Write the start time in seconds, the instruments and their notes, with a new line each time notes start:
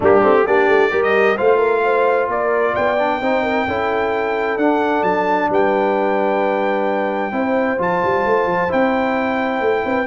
0.00 tuba G3, trombone A#3, horn D4, trumpet G4
0.22 tuba A3, trombone C4
0.45 tuba A#3, trombone D4, horn G4, trumpet D5
0.67 tuba A3
0.90 tuba G3, trombone G4, horn A#4
1.03 trumpet D#5
1.36 tuba A3, trombone F4, horn C5, trumpet F5
1.57 horn A#4
1.84 horn C5
2.28 tuba A#3, horn A#4, trumpet D5
2.73 tuba B3, horn D5, trumpet G5
2.98 trombone D4
3.21 tuba C4, trombone D#4, horn C5
3.42 horn A#4
3.67 tuba C#4, trombone E4, horn A4
4.57 tuba D4, trombone D4, trumpet F#5
5.02 tuba F#3, trumpet A5
5.49 tuba G3, horn B4, trumpet G5
7.32 tuba C4, trombone E4, horn C5
7.77 tuba F3, trombone F4, trumpet A5
8.04 tuba G3
8.25 tuba A3
8.45 tuba F3
8.68 tuba C4, trombone E4, trumpet G5
9.60 tuba A3
9.85 tuba C4, horn B4